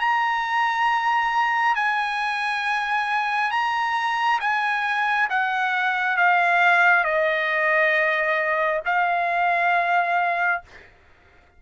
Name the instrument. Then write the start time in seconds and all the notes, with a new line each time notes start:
trumpet
0.00 A#5
1.75 G#5
3.51 A#5
4.40 G#5
5.29 F#5
6.17 F5
7.04 D#5
8.86 F5